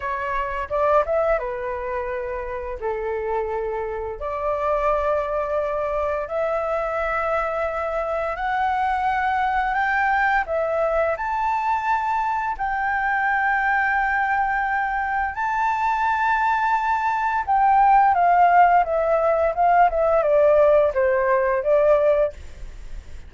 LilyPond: \new Staff \with { instrumentName = "flute" } { \time 4/4 \tempo 4 = 86 cis''4 d''8 e''8 b'2 | a'2 d''2~ | d''4 e''2. | fis''2 g''4 e''4 |
a''2 g''2~ | g''2 a''2~ | a''4 g''4 f''4 e''4 | f''8 e''8 d''4 c''4 d''4 | }